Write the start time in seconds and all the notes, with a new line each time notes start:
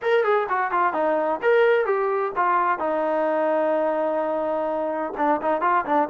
0.01 A#4
0.23 G#4
0.49 F#4
0.71 F4
0.93 D#4
1.42 A#4
1.85 G4
2.36 F4
2.78 D#4
5.17 D4
5.41 D#4
5.61 F4
5.85 D4